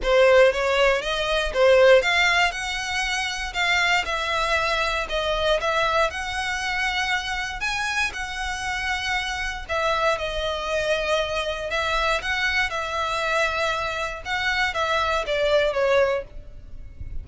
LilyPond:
\new Staff \with { instrumentName = "violin" } { \time 4/4 \tempo 4 = 118 c''4 cis''4 dis''4 c''4 | f''4 fis''2 f''4 | e''2 dis''4 e''4 | fis''2. gis''4 |
fis''2. e''4 | dis''2. e''4 | fis''4 e''2. | fis''4 e''4 d''4 cis''4 | }